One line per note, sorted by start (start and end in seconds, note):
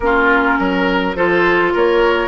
0.00 0.58 A#3
0.00 1.15 C#4
0.00 0.58 F4
0.00 1.15 A#4
0.58 1.16 F#3
0.58 1.16 A#4
1.15 1.73 F3
1.15 2.28 F4
1.15 1.73 A4
1.15 1.72 C5
1.73 2.28 A#3
1.73 2.28 A#4
1.73 2.28 C#5